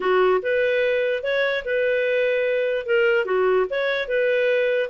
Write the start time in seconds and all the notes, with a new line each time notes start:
0.00 F#4
0.42 B4
1.23 C#5
1.64 B4
2.86 A#4
3.25 F#4
3.70 C#5
4.08 B4